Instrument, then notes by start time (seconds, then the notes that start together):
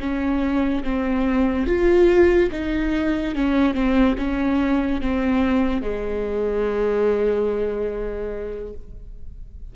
viola
0.00 C#4
0.84 C4
1.67 F4
2.52 D#4
3.35 C#4
3.74 C4
4.18 C#4
5.01 C4
5.82 G#3